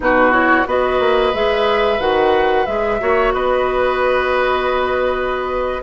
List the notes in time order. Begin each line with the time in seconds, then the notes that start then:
0.00 B2 D#4 F#4 B4
0.31 E4 C#5
0.66 B3 F#4 B4 D#5
0.99 A#3
1.33 G#3 G#4 E5
1.99 D#3 F#4 F#5
2.65 G#3 G#4 E5
2.99 A#3 F#4 C#5
3.33 B3 B4 D#5